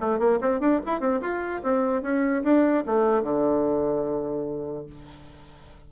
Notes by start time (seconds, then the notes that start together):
0.00 A3
0.19 A#3
0.41 C4
0.60 D4
0.86 E4
1.00 C4
1.21 F4
1.63 C4
2.02 C#4
2.43 D4
2.86 A3
3.23 D3